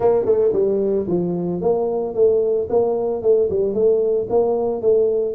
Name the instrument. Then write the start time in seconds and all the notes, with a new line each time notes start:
tuba
0.00 A#3
0.25 A3
0.52 G3
1.07 F3
1.61 A#3
2.14 A3
2.69 A#3
3.22 A3
3.49 G3
3.74 A3
4.29 A#3
4.81 A3